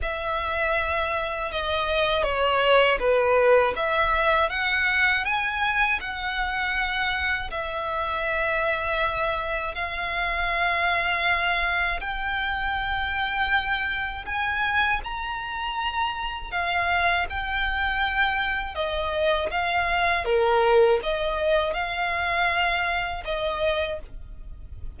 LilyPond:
\new Staff \with { instrumentName = "violin" } { \time 4/4 \tempo 4 = 80 e''2 dis''4 cis''4 | b'4 e''4 fis''4 gis''4 | fis''2 e''2~ | e''4 f''2. |
g''2. gis''4 | ais''2 f''4 g''4~ | g''4 dis''4 f''4 ais'4 | dis''4 f''2 dis''4 | }